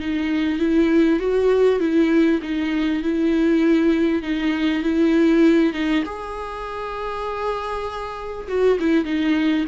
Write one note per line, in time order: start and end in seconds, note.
0.00 0.59 D#4
0.59 1.20 E4
1.20 1.80 F#4
1.80 2.40 E4
2.42 3.02 D#4
3.03 4.22 E4
4.22 4.83 D#4
4.83 5.73 E4
5.73 6.04 D#4
6.05 8.47 G#4
8.48 8.78 F#4
8.79 9.05 E4
9.05 9.65 D#4